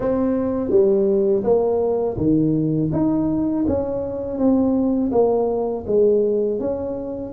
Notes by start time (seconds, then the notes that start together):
0.00 C4
0.70 G3
1.43 A#3
2.17 D#3
2.92 D#4
3.67 C#4
4.38 C4
5.11 A#3
5.87 G#3
6.59 C#4